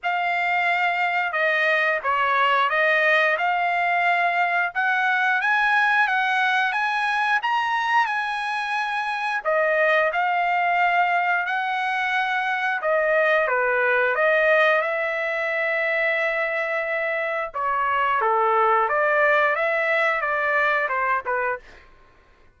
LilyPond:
\new Staff \with { instrumentName = "trumpet" } { \time 4/4 \tempo 4 = 89 f''2 dis''4 cis''4 | dis''4 f''2 fis''4 | gis''4 fis''4 gis''4 ais''4 | gis''2 dis''4 f''4~ |
f''4 fis''2 dis''4 | b'4 dis''4 e''2~ | e''2 cis''4 a'4 | d''4 e''4 d''4 c''8 b'8 | }